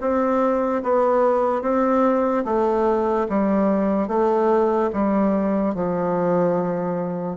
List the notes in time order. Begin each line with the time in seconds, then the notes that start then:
0.00 C4
0.83 B3
1.61 C4
2.44 A3
3.28 G3
4.08 A3
4.92 G3
5.74 F3